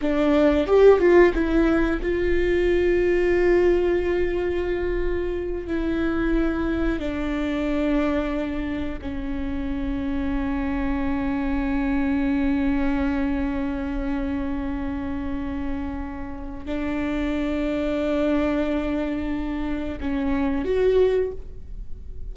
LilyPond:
\new Staff \with { instrumentName = "viola" } { \time 4/4 \tempo 4 = 90 d'4 g'8 f'8 e'4 f'4~ | f'1~ | f'8 e'2 d'4.~ | d'4. cis'2~ cis'8~ |
cis'1~ | cis'1~ | cis'4 d'2.~ | d'2 cis'4 fis'4 | }